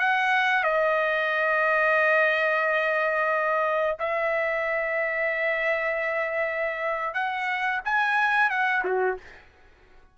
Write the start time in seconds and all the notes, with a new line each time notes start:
0.00 F#5
0.64 D#5
3.99 E5
7.14 F#5
7.85 G#5
8.50 F#5
8.85 F#4